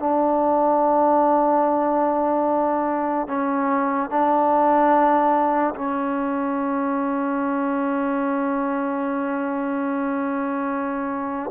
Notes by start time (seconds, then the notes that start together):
0.00 D4
3.28 C#4
4.10 D4
5.75 C#4